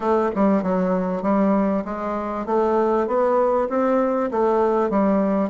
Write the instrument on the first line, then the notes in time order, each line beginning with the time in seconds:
bassoon
0.00 A3
0.35 G3
0.62 F#3
1.22 G3
1.84 G#3
2.45 A3
3.07 B3
3.69 C4
4.31 A3
4.90 G3